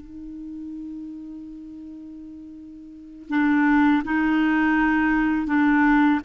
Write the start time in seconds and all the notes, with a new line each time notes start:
0.00 D#4
3.29 D4
4.04 D#4
5.47 D4